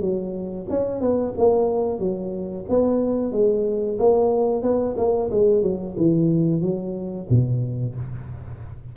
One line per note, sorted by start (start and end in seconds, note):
0.00 0.66 F#3
0.69 1.00 C#4
1.00 1.33 B3
1.37 1.99 A#3
1.99 2.65 F#3
2.69 3.32 B3
3.32 3.98 G#3
3.98 4.62 A#3
4.62 4.95 B3
4.96 5.29 A#3
5.30 5.62 G#3
5.62 5.95 F#3
5.96 6.61 E3
6.61 7.27 F#3
7.29 7.95 B2